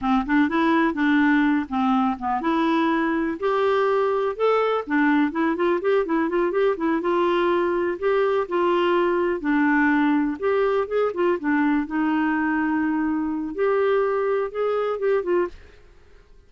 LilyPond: \new Staff \with { instrumentName = "clarinet" } { \time 4/4 \tempo 4 = 124 c'8 d'8 e'4 d'4. c'8~ | c'8 b8 e'2 g'4~ | g'4 a'4 d'4 e'8 f'8 | g'8 e'8 f'8 g'8 e'8 f'4.~ |
f'8 g'4 f'2 d'8~ | d'4. g'4 gis'8 f'8 d'8~ | d'8 dis'2.~ dis'8 | g'2 gis'4 g'8 f'8 | }